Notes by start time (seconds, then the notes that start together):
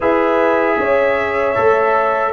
0.00 E4 G#4 B4 E5
0.78 C#4 C#5
1.55 A3 A4